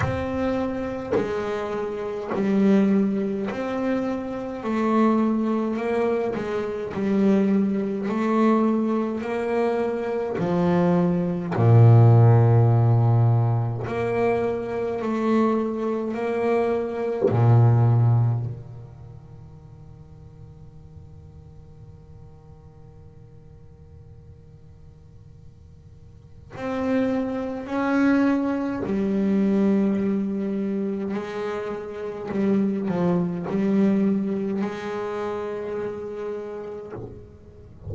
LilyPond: \new Staff \with { instrumentName = "double bass" } { \time 4/4 \tempo 4 = 52 c'4 gis4 g4 c'4 | a4 ais8 gis8 g4 a4 | ais4 f4 ais,2 | ais4 a4 ais4 ais,4 |
dis1~ | dis2. c'4 | cis'4 g2 gis4 | g8 f8 g4 gis2 | }